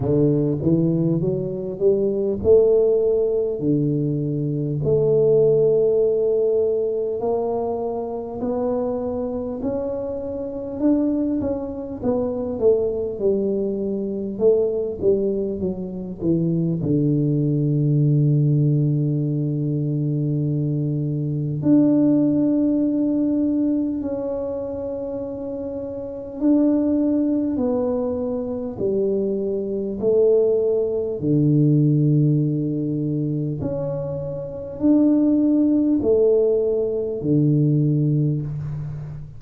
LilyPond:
\new Staff \with { instrumentName = "tuba" } { \time 4/4 \tempo 4 = 50 d8 e8 fis8 g8 a4 d4 | a2 ais4 b4 | cis'4 d'8 cis'8 b8 a8 g4 | a8 g8 fis8 e8 d2~ |
d2 d'2 | cis'2 d'4 b4 | g4 a4 d2 | cis'4 d'4 a4 d4 | }